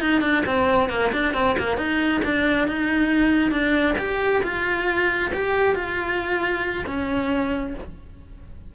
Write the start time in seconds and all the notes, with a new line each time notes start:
0.00 D#4
0.21 D4
0.46 C4
0.89 A#3
1.12 D4
1.34 C4
1.58 A#3
1.77 D#4
2.24 D4
2.67 D#4
3.51 D4
3.98 G4
4.43 F4
5.33 G4
5.75 F4
6.86 C#4